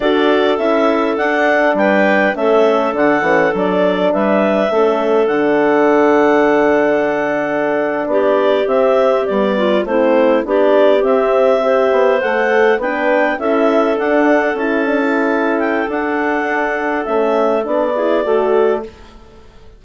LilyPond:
<<
  \new Staff \with { instrumentName = "clarinet" } { \time 4/4 \tempo 4 = 102 d''4 e''4 fis''4 g''4 | e''4 fis''4 d''4 e''4~ | e''4 fis''2.~ | fis''4.~ fis''16 d''4 e''4 d''16~ |
d''8. c''4 d''4 e''4~ e''16~ | e''8. fis''4 g''4 e''4 fis''16~ | fis''8. a''4.~ a''16 g''8 fis''4~ | fis''4 e''4 d''2 | }
  \new Staff \with { instrumentName = "clarinet" } { \time 4/4 a'2. b'4 | a'2. b'4 | a'1~ | a'4.~ a'16 g'2~ g'16~ |
g'16 f'8 e'4 g'2 c''16~ | c''4.~ c''16 b'4 a'4~ a'16~ | a'1~ | a'2~ a'8 gis'8 a'4 | }
  \new Staff \with { instrumentName = "horn" } { \time 4/4 fis'4 e'4 d'2 | cis'4 d'8 cis'8 d'2 | cis'4 d'2.~ | d'2~ d'8. c'4 b16~ |
b8. c'4 d'4 c'4 g'16~ | g'8. a'4 d'4 e'4 d'16~ | d'8. e'8 d'16 e'4. d'4~ | d'4 cis'4 d'8 e'8 fis'4 | }
  \new Staff \with { instrumentName = "bassoon" } { \time 4/4 d'4 cis'4 d'4 g4 | a4 d8 e8 fis4 g4 | a4 d2.~ | d4.~ d16 b4 c'4 g16~ |
g8. a4 b4 c'4~ c'16~ | c'16 b8 a4 b4 cis'4 d'16~ | d'8. cis'2~ cis'16 d'4~ | d'4 a4 b4 a4 | }
>>